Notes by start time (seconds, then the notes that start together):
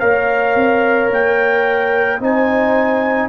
0.00 A#3 A#4 C#5 F5
0.55 C4
1.11 A#3 G5
2.20 C4 D#4 C5 G#5